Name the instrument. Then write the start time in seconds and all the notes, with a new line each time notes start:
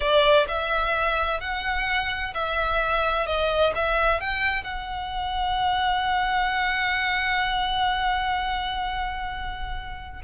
violin
0.00 D5
0.48 E5
1.40 F#5
2.34 E5
3.26 D#5
3.75 E5
4.20 G5
4.63 F#5